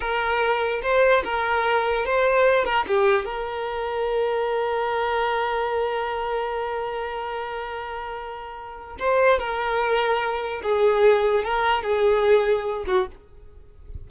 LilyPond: \new Staff \with { instrumentName = "violin" } { \time 4/4 \tempo 4 = 147 ais'2 c''4 ais'4~ | ais'4 c''4. ais'8 g'4 | ais'1~ | ais'1~ |
ais'1~ | ais'2 c''4 ais'4~ | ais'2 gis'2 | ais'4 gis'2~ gis'8 fis'8 | }